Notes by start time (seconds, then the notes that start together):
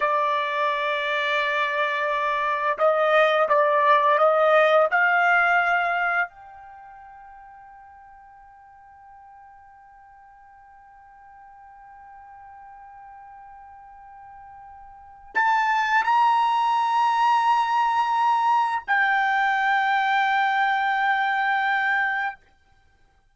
0.00 D5
2.78 D#5
3.49 D5
4.18 D#5
4.90 F5
6.29 G5
15.35 A5
16.03 A#5
18.87 G5